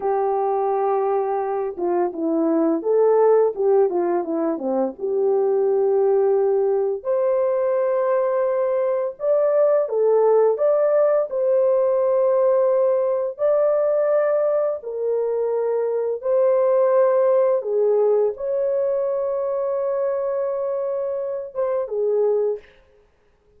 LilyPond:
\new Staff \with { instrumentName = "horn" } { \time 4/4 \tempo 4 = 85 g'2~ g'8 f'8 e'4 | a'4 g'8 f'8 e'8 c'8 g'4~ | g'2 c''2~ | c''4 d''4 a'4 d''4 |
c''2. d''4~ | d''4 ais'2 c''4~ | c''4 gis'4 cis''2~ | cis''2~ cis''8 c''8 gis'4 | }